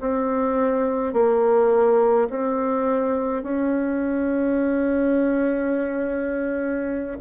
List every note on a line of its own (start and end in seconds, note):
0.00 1.13 C4
1.13 2.28 A#3
2.29 3.42 C4
3.42 7.17 C#4